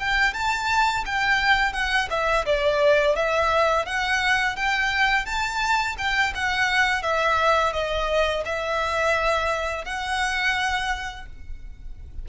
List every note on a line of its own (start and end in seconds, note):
0.00 0.34 G5
0.34 1.05 A5
1.06 1.73 G5
1.73 2.09 F#5
2.10 2.45 E5
2.46 3.16 D5
3.16 3.86 E5
3.86 4.56 F#5
4.57 5.26 G5
5.26 5.96 A5
5.98 6.33 G5
6.35 7.02 F#5
7.02 7.73 E5
7.73 8.44 D#5
8.45 9.85 E5
9.85 11.26 F#5